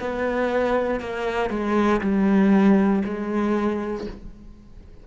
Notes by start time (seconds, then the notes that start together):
0.00 B3
1.00 A#3
1.50 G#3
2.01 G3
3.05 G#3